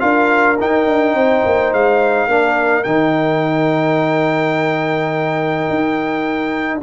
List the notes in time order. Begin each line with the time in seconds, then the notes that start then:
0.00 D4 F4 A#4 F5
0.60 D#4 G5
0.87 D4
1.15 C4 C5
1.46 A#3
1.73 G#3 F5
2.28 A#3 D4 A#4
2.84 D#3 D#4 G5
5.70 D#4